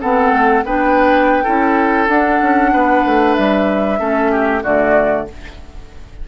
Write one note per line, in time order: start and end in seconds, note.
0.00 0.30 B3
0.00 0.64 C4
0.00 0.64 A4
0.00 0.64 F#5
0.30 0.62 A3
0.65 1.44 B3
0.65 1.44 D4
0.65 1.43 B4
0.65 2.07 G5
1.43 2.08 C#4
1.43 2.08 E4
1.43 2.71 A4
2.07 2.39 D4
2.07 3.98 D4
2.07 3.34 F#5
2.41 2.73 C#4
2.72 3.05 B3
2.72 3.99 B4
3.05 3.37 A3
3.34 3.99 G3
3.34 4.62 E5
3.98 4.63 A3
3.98 4.62 C#4
3.98 4.31 A4
4.31 4.62 G4
4.62 5.27 D3
4.62 5.27 A3
4.62 5.26 F#4
4.62 5.27 D5